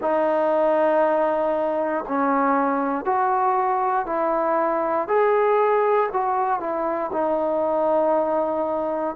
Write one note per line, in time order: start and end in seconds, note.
0.01 2.04 D#4
2.08 3.05 C#4
3.05 4.06 F#4
4.06 5.08 E4
5.08 6.09 G#4
6.12 6.60 F#4
6.60 7.10 E4
7.12 9.15 D#4